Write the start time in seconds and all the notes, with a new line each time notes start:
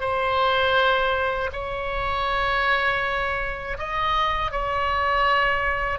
0.00 C5
1.52 C#5
3.78 D#5
4.51 C#5